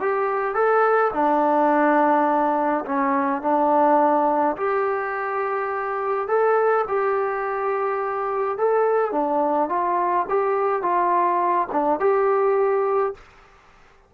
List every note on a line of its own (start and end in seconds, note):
0.00 0.54 G4
0.54 1.11 A4
1.13 2.84 D4
2.85 3.42 C#4
3.42 4.56 D4
4.56 6.28 G4
6.28 6.85 A4
6.88 8.58 G4
8.58 9.11 A4
9.11 9.69 D4
9.69 10.26 F4
10.29 10.82 G4
10.82 11.68 F4
11.72 11.99 D4
11.99 13.14 G4